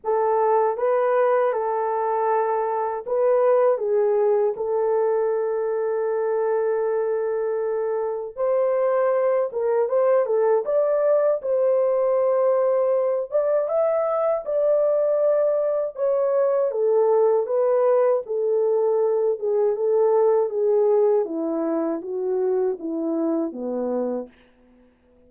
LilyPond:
\new Staff \with { instrumentName = "horn" } { \time 4/4 \tempo 4 = 79 a'4 b'4 a'2 | b'4 gis'4 a'2~ | a'2. c''4~ | c''8 ais'8 c''8 a'8 d''4 c''4~ |
c''4. d''8 e''4 d''4~ | d''4 cis''4 a'4 b'4 | a'4. gis'8 a'4 gis'4 | e'4 fis'4 e'4 b4 | }